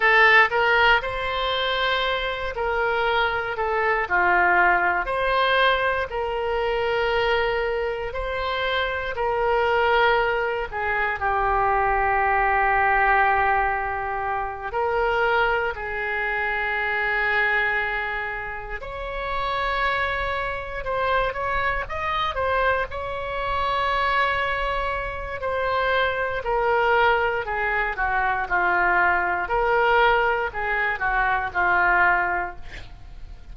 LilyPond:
\new Staff \with { instrumentName = "oboe" } { \time 4/4 \tempo 4 = 59 a'8 ais'8 c''4. ais'4 a'8 | f'4 c''4 ais'2 | c''4 ais'4. gis'8 g'4~ | g'2~ g'8 ais'4 gis'8~ |
gis'2~ gis'8 cis''4.~ | cis''8 c''8 cis''8 dis''8 c''8 cis''4.~ | cis''4 c''4 ais'4 gis'8 fis'8 | f'4 ais'4 gis'8 fis'8 f'4 | }